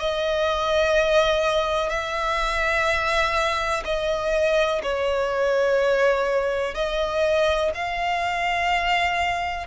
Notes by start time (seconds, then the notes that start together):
0.00 D#5
1.90 E5
3.85 D#5
4.83 C#5
6.75 D#5
7.75 F5